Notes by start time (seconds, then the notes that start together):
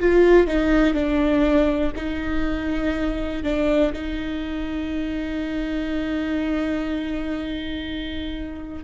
0.00 F4
0.47 D#4
0.94 D4
1.96 D#4
3.44 D4
3.93 D#4